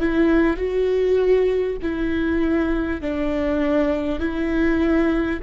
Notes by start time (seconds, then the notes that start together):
0.00 E4
0.57 F#4
1.82 E4
3.01 D4
4.19 E4